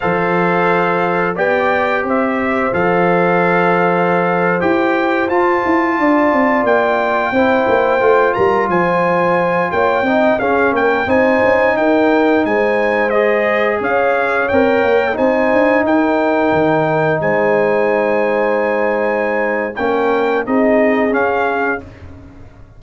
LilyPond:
<<
  \new Staff \with { instrumentName = "trumpet" } { \time 4/4 \tempo 4 = 88 f''2 g''4 e''4 | f''2~ f''8. g''4 a''16~ | a''4.~ a''16 g''2~ g''16~ | g''16 ais''8 gis''4. g''4 f''8 g''16~ |
g''16 gis''4 g''4 gis''4 dis''8.~ | dis''16 f''4 g''4 gis''4 g''8.~ | g''4~ g''16 gis''2~ gis''8.~ | gis''4 g''4 dis''4 f''4 | }
  \new Staff \with { instrumentName = "horn" } { \time 4/4 c''2 d''4 c''4~ | c''1~ | c''8. d''2 c''4~ c''16~ | c''16 ais'8 c''4. cis''8 dis''8 gis'8 ais'16~ |
ais'16 c''4 ais'4 c''4.~ c''16~ | c''16 cis''2 c''4 ais'8.~ | ais'4~ ais'16 c''2~ c''8.~ | c''4 ais'4 gis'2 | }
  \new Staff \with { instrumentName = "trombone" } { \time 4/4 a'2 g'2 | a'2~ a'8. g'4 f'16~ | f'2~ f'8. e'4 f'16~ | f'2~ f'8. dis'8 cis'8.~ |
cis'16 dis'2. gis'8.~ | gis'4~ gis'16 ais'4 dis'4.~ dis'16~ | dis'1~ | dis'4 cis'4 dis'4 cis'4 | }
  \new Staff \with { instrumentName = "tuba" } { \time 4/4 f2 b4 c'4 | f2~ f8. e'4 f'16~ | f'16 e'8 d'8 c'8 ais4 c'8 ais8 a16~ | a16 g8 f4. ais8 c'8 cis'8 ais16~ |
ais16 c'8 cis'8 dis'4 gis4.~ gis16~ | gis16 cis'4 c'8 ais8 c'8 d'8 dis'8.~ | dis'16 dis4 gis2~ gis8.~ | gis4 ais4 c'4 cis'4 | }
>>